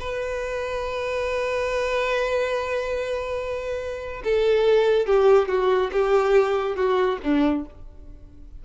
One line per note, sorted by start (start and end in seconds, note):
0.00 4.23 B4
4.24 5.06 A4
5.06 5.49 G4
5.49 5.91 F#4
5.92 6.76 G4
6.76 7.18 F#4
7.23 7.65 D4